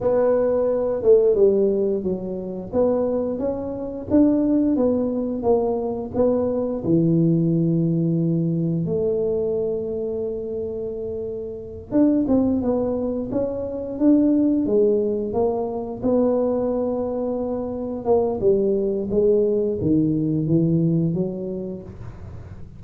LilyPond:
\new Staff \with { instrumentName = "tuba" } { \time 4/4 \tempo 4 = 88 b4. a8 g4 fis4 | b4 cis'4 d'4 b4 | ais4 b4 e2~ | e4 a2.~ |
a4. d'8 c'8 b4 cis'8~ | cis'8 d'4 gis4 ais4 b8~ | b2~ b8 ais8 g4 | gis4 dis4 e4 fis4 | }